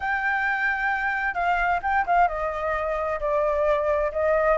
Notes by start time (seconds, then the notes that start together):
0.00 G5
1.34 F5
1.82 G5
2.06 F5
2.28 D#5
3.20 D5
4.12 D#5